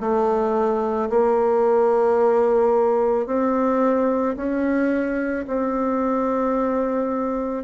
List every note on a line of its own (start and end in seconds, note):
0.00 1.09 A3
1.10 3.26 A#3
3.26 4.35 C4
4.36 5.45 C#4
5.47 7.64 C4